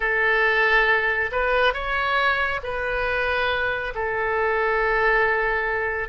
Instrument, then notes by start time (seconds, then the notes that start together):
oboe
0.00 A4
1.31 B4
1.73 C#5
2.63 B4
3.94 A4